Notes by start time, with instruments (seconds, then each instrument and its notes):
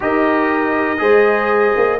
0.00 tuba D#4, trombone G4, horn A#4, trumpet D#5
0.98 tuba G#3, trombone G#4, horn C5
1.76 tuba A#3